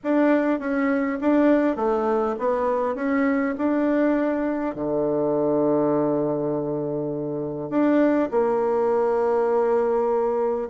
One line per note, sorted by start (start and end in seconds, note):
0.03 0.59 D4
0.59 1.19 C#4
1.20 1.76 D4
1.76 2.35 A3
2.38 2.95 B3
2.95 3.54 C#4
3.57 4.75 D4
4.75 7.69 D3
7.69 8.29 D4
8.31 10.68 A#3